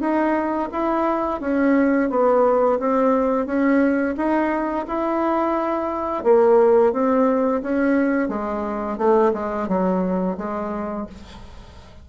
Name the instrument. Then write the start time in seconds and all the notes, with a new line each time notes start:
bassoon
0.00 D#4
0.72 E4
1.41 C#4
2.10 B3
2.80 C4
3.46 C#4
4.17 D#4
4.87 E4
6.24 A#3
6.93 C4
7.62 C#4
8.29 G#3
8.97 A3
9.34 G#3
9.68 F#3
10.37 G#3